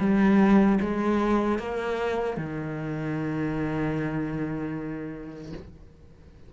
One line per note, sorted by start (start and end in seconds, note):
0.00 0.79 G3
0.81 1.59 G#3
1.59 2.37 A#3
2.37 5.53 D#3